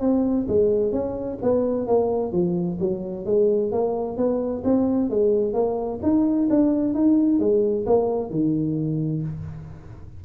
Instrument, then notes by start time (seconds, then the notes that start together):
tuba
0.00 C4
0.48 G#3
0.92 C#4
1.42 B3
1.87 A#3
2.32 F3
2.79 F#3
3.25 G#3
3.71 A#3
4.16 B3
4.64 C4
5.10 G#3
5.53 A#3
6.02 D#4
6.50 D4
6.94 D#4
7.39 G#3
7.86 A#3
8.30 D#3